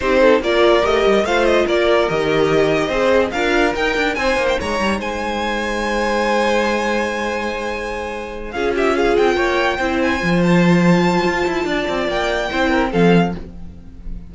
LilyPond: <<
  \new Staff \with { instrumentName = "violin" } { \time 4/4 \tempo 4 = 144 c''4 d''4 dis''4 f''8 dis''8 | d''4 dis''2. | f''4 g''4 gis''8. g''16 ais''4 | gis''1~ |
gis''1~ | gis''8 f''8 e''8 f''8 g''2 | gis''4 a''2.~ | a''4 g''2 f''4 | }
  \new Staff \with { instrumentName = "violin" } { \time 4/4 g'8 a'8 ais'2 c''4 | ais'2. c''4 | ais'2 c''4 cis''4 | c''1~ |
c''1~ | c''8 gis'8 g'8 gis'4 cis''4 c''8~ | c''1 | d''2 c''8 ais'8 a'4 | }
  \new Staff \with { instrumentName = "viola" } { \time 4/4 dis'4 f'4 g'4 f'4~ | f'4 g'2 gis'4 | f'4 dis'2.~ | dis'1~ |
dis'1~ | dis'8 f'2. e'8~ | e'8 f'2.~ f'8~ | f'2 e'4 c'4 | }
  \new Staff \with { instrumentName = "cello" } { \time 4/4 c'4 ais4 a8 g8 a4 | ais4 dis2 c'4 | d'4 dis'8 d'8 c'8 ais8 gis8 g8 | gis1~ |
gis1~ | gis8 cis'4. c'8 ais4 c'8~ | c'8 f2~ f8 f'8 e'8 | d'8 c'8 ais4 c'4 f4 | }
>>